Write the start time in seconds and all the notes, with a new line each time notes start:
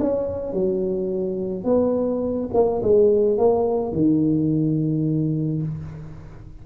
0.00 C#4
0.53 F#3
1.64 B3
2.54 A#3
2.83 G#3
3.38 A#3
3.92 D#3